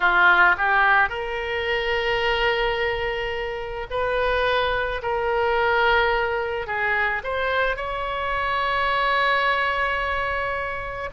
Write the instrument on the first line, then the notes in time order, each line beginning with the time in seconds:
oboe
0.00 F4
0.57 G4
1.09 A#4
3.90 B4
5.02 A#4
6.66 G#4
7.23 C5
7.76 C#5